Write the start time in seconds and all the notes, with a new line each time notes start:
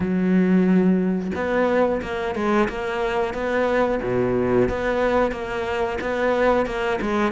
0.00 F#3
1.35 B3
2.02 A#3
2.35 G#3
2.68 A#3
3.33 B3
4.02 B2
4.68 B3
5.32 A#3
6.00 B3
6.65 A#3
7.01 G#3